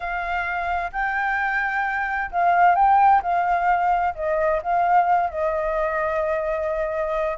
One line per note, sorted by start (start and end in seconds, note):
0.00 0.91 F5
0.92 2.30 G5
2.31 2.75 F5
2.75 3.21 G5
3.22 4.14 F5
4.15 4.61 D#5
4.62 5.30 F5
5.30 7.37 D#5